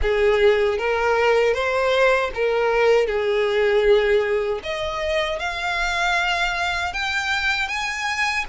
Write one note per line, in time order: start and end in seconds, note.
0.02 0.78 G#4
0.78 1.53 A#4
1.53 2.30 C5
2.34 3.06 A#4
3.06 4.60 G#4
4.63 5.39 D#5
5.39 6.93 F5
6.93 7.67 G5
7.67 8.44 G#5